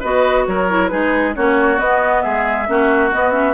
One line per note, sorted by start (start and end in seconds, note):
0.00 0.47 B3
0.00 0.69 F#4
0.00 0.44 B4
0.00 0.46 D#5
0.47 0.91 F#3
0.47 0.91 A#4
0.47 0.88 C#5
0.69 0.90 E4
0.88 1.36 G#3
0.88 1.34 D#4
0.88 1.35 G#4
0.88 1.32 B4
1.35 1.79 A#3
1.35 1.78 C#4
1.35 2.23 F#4
1.35 1.79 C#5
1.78 2.66 B3
1.78 2.23 B3
1.78 2.22 D#5
2.22 2.69 G#3
2.22 2.67 G#4
2.22 3.10 E5
2.67 3.13 A#3
2.67 3.11 C#4
2.67 3.54 F#4
3.12 3.32 B3
3.12 3.54 B3
3.12 3.32 D#5
3.32 3.54 C#4
3.32 3.54 E5